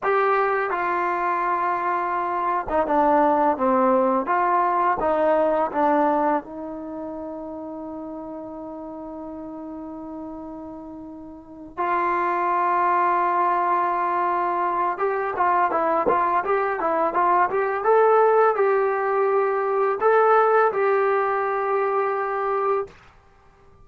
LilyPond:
\new Staff \with { instrumentName = "trombone" } { \time 4/4 \tempo 4 = 84 g'4 f'2~ f'8. dis'16 | d'4 c'4 f'4 dis'4 | d'4 dis'2.~ | dis'1~ |
dis'8 f'2.~ f'8~ | f'4 g'8 f'8 e'8 f'8 g'8 e'8 | f'8 g'8 a'4 g'2 | a'4 g'2. | }